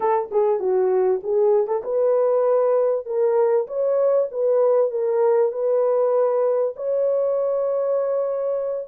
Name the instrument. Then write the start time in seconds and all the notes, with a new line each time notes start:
horn
0.00 A4
0.31 G#4
0.59 F#4
1.23 G#4
1.67 A4
1.83 B4
3.05 A#4
3.67 C#5
4.31 B4
4.91 A#4
5.52 B4
6.75 C#5